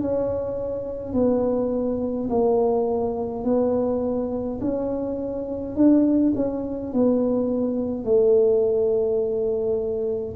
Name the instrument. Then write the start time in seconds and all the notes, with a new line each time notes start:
tuba
0.00 C#4
1.13 B3
2.29 A#3
3.44 B3
4.60 C#4
5.75 D4
6.35 C#4
6.93 B3
8.04 A3